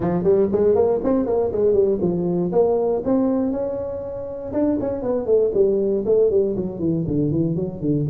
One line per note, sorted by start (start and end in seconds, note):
0.00 0.23 F3
0.23 0.48 G3
0.52 0.75 G#3
0.75 1.00 A#3
1.03 1.26 C4
1.26 1.51 A#3
1.51 1.73 G#3
1.73 1.98 G3
2.01 2.51 F3
2.52 3.02 A#3
3.04 3.51 C4
3.51 4.52 C#4
4.52 4.77 D4
4.80 5.02 C#4
5.02 5.26 B3
5.26 5.51 A3
5.53 6.04 G3
6.05 6.30 A3
6.30 6.55 G3
6.55 6.79 F#3
6.79 7.04 E3
7.07 7.31 D3
7.31 7.55 E3
7.55 7.80 F#3
7.80 8.06 D3